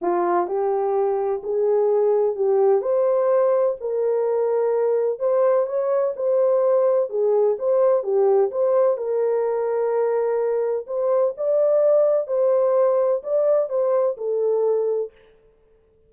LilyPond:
\new Staff \with { instrumentName = "horn" } { \time 4/4 \tempo 4 = 127 f'4 g'2 gis'4~ | gis'4 g'4 c''2 | ais'2. c''4 | cis''4 c''2 gis'4 |
c''4 g'4 c''4 ais'4~ | ais'2. c''4 | d''2 c''2 | d''4 c''4 a'2 | }